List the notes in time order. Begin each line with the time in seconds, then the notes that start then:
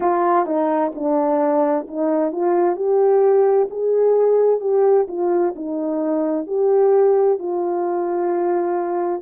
0.00 F4
0.46 D#4
0.94 D4
1.87 D#4
2.32 F4
2.76 G4
3.70 G#4
4.60 G4
5.08 F4
5.56 D#4
6.47 G4
7.38 F4